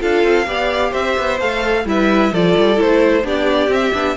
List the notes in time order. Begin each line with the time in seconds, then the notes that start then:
0.00 D4 F4 A4 F5
0.23 C4
0.46 B3 G4 D5
0.90 C4 C5 E5
1.18 B3
1.40 A3 A4 F5
1.85 G3 E4 B4 E5
2.32 F3 F4 A4 D5
2.57 G3
2.75 A3 E4 C5
3.23 B3 D4 G4 D5
3.68 C4 E5
3.93 B3 D4